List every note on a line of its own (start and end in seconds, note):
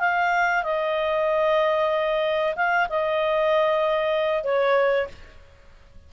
0.00 0.64 F5
0.64 2.55 D#5
2.56 2.88 F5
2.90 4.44 D#5
4.44 5.08 C#5